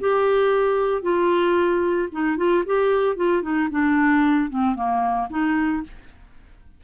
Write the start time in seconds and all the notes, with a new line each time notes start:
0.00 G4
1.02 F4
2.12 D#4
2.37 F4
2.66 G4
3.16 F4
3.42 D#4
3.71 D4
4.50 C4
4.75 A#3
5.30 D#4